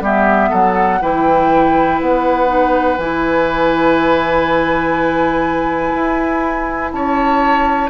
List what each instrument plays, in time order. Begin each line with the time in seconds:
0.00 bassoon G3, clarinet B3, oboe G4, flute E5
0.49 bassoon F#3, oboe A4, flute F#5
1.01 bassoon E3, clarinet E4, oboe B4, flute G5
2.01 bassoon B3, flute F#5
2.47 clarinet D#4
2.98 bassoon E3, clarinet E4, flute G#5
5.93 bassoon E4
6.91 bassoon C#4, oboe C#5, flute A5